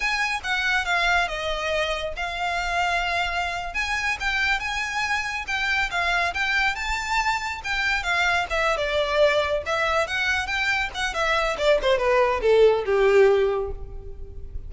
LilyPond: \new Staff \with { instrumentName = "violin" } { \time 4/4 \tempo 4 = 140 gis''4 fis''4 f''4 dis''4~ | dis''4 f''2.~ | f''8. gis''4 g''4 gis''4~ gis''16~ | gis''8. g''4 f''4 g''4 a''16~ |
a''4.~ a''16 g''4 f''4 e''16~ | e''8 d''2 e''4 fis''8~ | fis''8 g''4 fis''8 e''4 d''8 c''8 | b'4 a'4 g'2 | }